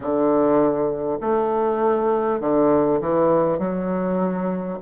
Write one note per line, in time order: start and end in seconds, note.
0.00 1.18 D3
1.20 2.40 A3
2.40 3.00 D3
3.00 3.58 E3
3.58 4.78 F#3